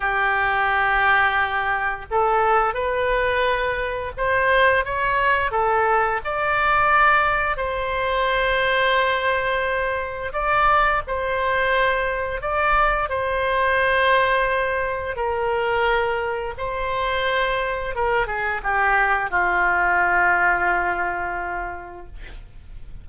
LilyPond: \new Staff \with { instrumentName = "oboe" } { \time 4/4 \tempo 4 = 87 g'2. a'4 | b'2 c''4 cis''4 | a'4 d''2 c''4~ | c''2. d''4 |
c''2 d''4 c''4~ | c''2 ais'2 | c''2 ais'8 gis'8 g'4 | f'1 | }